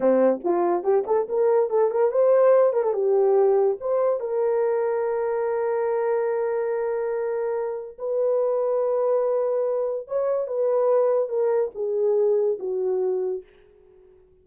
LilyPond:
\new Staff \with { instrumentName = "horn" } { \time 4/4 \tempo 4 = 143 c'4 f'4 g'8 a'8 ais'4 | a'8 ais'8 c''4. ais'16 a'16 g'4~ | g'4 c''4 ais'2~ | ais'1~ |
ais'2. b'4~ | b'1 | cis''4 b'2 ais'4 | gis'2 fis'2 | }